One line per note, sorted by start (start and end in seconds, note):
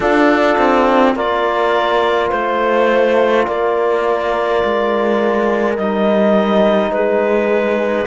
0.00 0.57 D4
0.00 1.15 D4
0.00 1.15 F4
0.00 1.14 A4
0.57 1.15 C4
1.15 2.31 A#3
1.15 5.76 F4
1.15 2.30 A#4
1.15 2.29 D5
2.29 3.47 A3
2.29 3.45 C5
3.46 4.63 A#3
3.46 6.92 A#4
3.46 5.76 D5
4.64 5.77 G#3
5.76 6.90 G3
5.76 8.06 D#4
5.76 6.92 D#5
6.90 8.06 G#3
6.90 8.06 G#4
6.90 8.06 B4